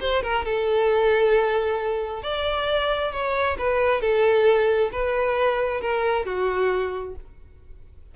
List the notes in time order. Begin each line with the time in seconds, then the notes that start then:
0.00 C5
0.22 A#4
0.45 A4
2.22 D5
3.12 C#5
3.58 B4
4.01 A4
4.91 B4
5.81 A#4
6.25 F#4